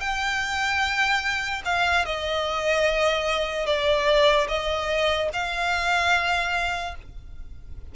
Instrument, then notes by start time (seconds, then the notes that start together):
violin
0.00 G5
1.65 F5
2.05 D#5
3.66 D5
4.48 D#5
5.33 F5